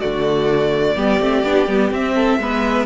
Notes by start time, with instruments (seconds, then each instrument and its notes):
0.00 cello D3, viola A3, violin F#4 D5
0.96 cello G3, viola B3, violin G4
1.20 cello A3, viola C4
1.44 cello B3, viola D4
1.68 cello G3, viola B3
1.91 cello C4, viola C4, violin E5
2.16 violin A4
2.39 cello G#3, viola B3, violin B4